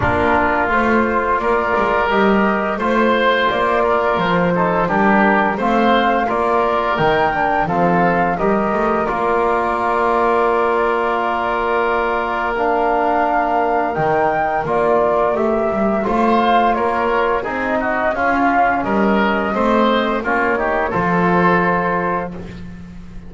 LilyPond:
<<
  \new Staff \with { instrumentName = "flute" } { \time 4/4 \tempo 4 = 86 ais'4 c''4 d''4 dis''4 | c''4 d''4 c''4 ais'4 | f''4 d''4 g''4 f''4 | dis''4 d''2.~ |
d''2 f''2 | g''4 d''4 e''4 f''4 | cis''4 dis''4 f''4 dis''4~ | dis''4 cis''4 c''2 | }
  \new Staff \with { instrumentName = "oboe" } { \time 4/4 f'2 ais'2 | c''4. ais'4 a'8 g'4 | c''4 ais'2 a'4 | ais'1~ |
ais'1~ | ais'2. c''4 | ais'4 gis'8 fis'8 f'4 ais'4 | c''4 f'8 g'8 a'2 | }
  \new Staff \with { instrumentName = "trombone" } { \time 4/4 d'4 f'2 g'4 | f'2~ f'8 dis'8 d'4 | c'4 f'4 dis'8 d'8 c'4 | g'4 f'2.~ |
f'2 d'2 | dis'4 f'4 g'4 f'4~ | f'4 dis'4 cis'2 | c'4 cis'8 dis'8 f'2 | }
  \new Staff \with { instrumentName = "double bass" } { \time 4/4 ais4 a4 ais8 gis8 g4 | a4 ais4 f4 g4 | a4 ais4 dis4 f4 | g8 a8 ais2.~ |
ais1 | dis4 ais4 a8 g8 a4 | ais4 c'4 cis'4 g4 | a4 ais4 f2 | }
>>